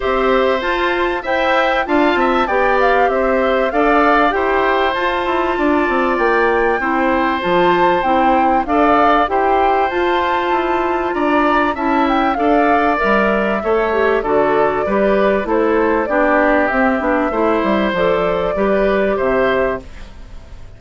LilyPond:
<<
  \new Staff \with { instrumentName = "flute" } { \time 4/4 \tempo 4 = 97 e''4 a''4 g''4 a''4 | g''8 f''8 e''4 f''4 g''4 | a''2 g''2 | a''4 g''4 f''4 g''4 |
a''2 ais''4 a''8 g''8 | f''4 e''2 d''4~ | d''4 c''4 d''4 e''4~ | e''4 d''2 e''4 | }
  \new Staff \with { instrumentName = "oboe" } { \time 4/4 c''2 e''4 f''8 e''8 | d''4 c''4 d''4 c''4~ | c''4 d''2 c''4~ | c''2 d''4 c''4~ |
c''2 d''4 e''4 | d''2 cis''4 a'4 | b'4 a'4 g'2 | c''2 b'4 c''4 | }
  \new Staff \with { instrumentName = "clarinet" } { \time 4/4 g'4 f'4 c''4 f'4 | g'2 a'4 g'4 | f'2. e'4 | f'4 e'4 a'4 g'4 |
f'2. e'4 | a'4 ais'4 a'8 g'8 fis'4 | g'4 e'4 d'4 c'8 d'8 | e'4 a'4 g'2 | }
  \new Staff \with { instrumentName = "bassoon" } { \time 4/4 c'4 f'4 e'4 d'8 c'8 | b4 c'4 d'4 e'4 | f'8 e'8 d'8 c'8 ais4 c'4 | f4 c'4 d'4 e'4 |
f'4 e'4 d'4 cis'4 | d'4 g4 a4 d4 | g4 a4 b4 c'8 b8 | a8 g8 f4 g4 c4 | }
>>